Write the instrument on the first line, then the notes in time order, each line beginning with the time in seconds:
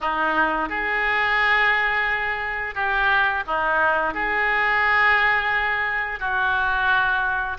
oboe
0.00 D#4
0.69 G#4
2.74 G4
3.46 D#4
4.14 G#4
6.19 F#4